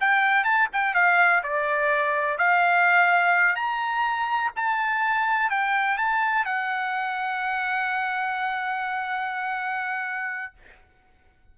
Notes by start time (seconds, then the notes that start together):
0.00 G5
0.44 A5
0.72 G5
0.94 F5
1.43 D5
2.38 F5
3.55 A#5
4.56 A5
5.50 G5
5.97 A5
6.45 F#5